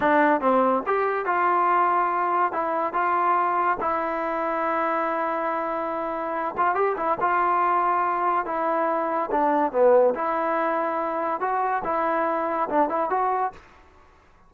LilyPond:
\new Staff \with { instrumentName = "trombone" } { \time 4/4 \tempo 4 = 142 d'4 c'4 g'4 f'4~ | f'2 e'4 f'4~ | f'4 e'2.~ | e'2.~ e'8 f'8 |
g'8 e'8 f'2. | e'2 d'4 b4 | e'2. fis'4 | e'2 d'8 e'8 fis'4 | }